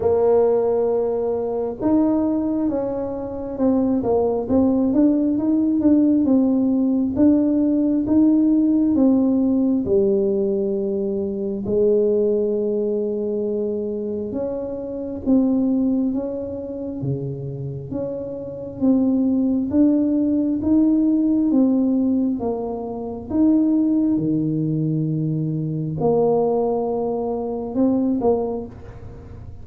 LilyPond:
\new Staff \with { instrumentName = "tuba" } { \time 4/4 \tempo 4 = 67 ais2 dis'4 cis'4 | c'8 ais8 c'8 d'8 dis'8 d'8 c'4 | d'4 dis'4 c'4 g4~ | g4 gis2. |
cis'4 c'4 cis'4 cis4 | cis'4 c'4 d'4 dis'4 | c'4 ais4 dis'4 dis4~ | dis4 ais2 c'8 ais8 | }